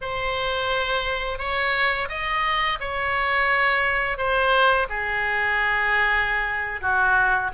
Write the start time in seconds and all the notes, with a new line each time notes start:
0.01 C5
1.38 C#5
2.09 D#5
2.80 C#5
4.17 C5
4.89 G#4
6.81 F#4